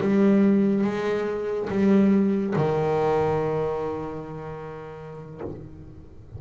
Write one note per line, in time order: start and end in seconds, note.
0.00 0.84 G3
0.84 1.69 G#3
1.69 2.54 G3
2.56 5.41 D#3